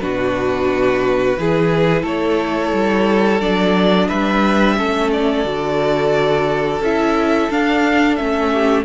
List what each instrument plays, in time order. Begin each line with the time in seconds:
0.00 cello B2, viola D4, violin F#4 B4
1.37 cello E3, viola E4, violin G#4
2.02 cello A3, violin A4 C#5
2.73 cello G3
3.41 cello F#3, viola D4, violin D5
4.08 cello G3, violin B4 E5
4.77 cello A3, viola C#4, violin A4
5.12 violin D5
5.45 cello D3, viola F#4
6.81 cello C#4, viola E4, violin E5
7.50 viola D4, cello D4, violin F5
8.16 cello A3, viola C#4, violin E5
8.53 violin G4